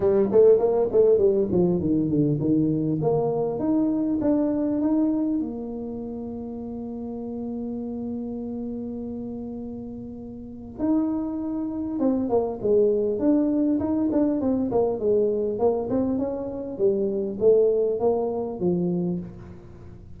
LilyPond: \new Staff \with { instrumentName = "tuba" } { \time 4/4 \tempo 4 = 100 g8 a8 ais8 a8 g8 f8 dis8 d8 | dis4 ais4 dis'4 d'4 | dis'4 ais2.~ | ais1~ |
ais2 dis'2 | c'8 ais8 gis4 d'4 dis'8 d'8 | c'8 ais8 gis4 ais8 c'8 cis'4 | g4 a4 ais4 f4 | }